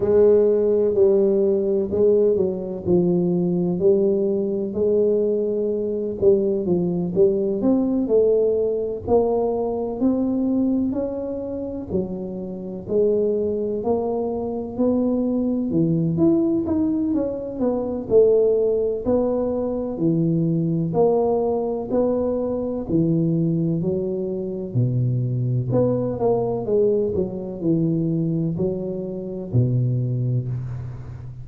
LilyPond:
\new Staff \with { instrumentName = "tuba" } { \time 4/4 \tempo 4 = 63 gis4 g4 gis8 fis8 f4 | g4 gis4. g8 f8 g8 | c'8 a4 ais4 c'4 cis'8~ | cis'8 fis4 gis4 ais4 b8~ |
b8 e8 e'8 dis'8 cis'8 b8 a4 | b4 e4 ais4 b4 | e4 fis4 b,4 b8 ais8 | gis8 fis8 e4 fis4 b,4 | }